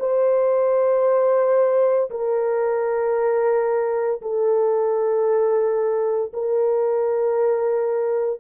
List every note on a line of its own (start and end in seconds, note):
0.00 2.11 C5
2.11 4.22 A#4
4.22 6.33 A4
6.34 8.41 A#4